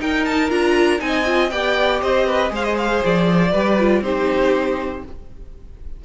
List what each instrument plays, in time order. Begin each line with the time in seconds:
0.00 cello D#4, viola D#4, violin A#4 G5
0.25 violin A5
0.50 cello D4, viola F4, violin A#5
0.99 cello C4, viola D#4, violin G#5
1.07 violin D#5
1.26 viola F4
1.50 cello B3, viola G4, violin D5 G5
2.02 cello C4, violin C5 D#5
2.27 violin B4
2.50 cello G#3, viola G#4, violin C5 F5
2.64 violin D#5
2.78 violin F5
3.05 cello F3, violin D5
3.52 cello G3, viola G4, violin B4
3.80 viola F4
4.02 cello C4, viola D#4, violin G4 C5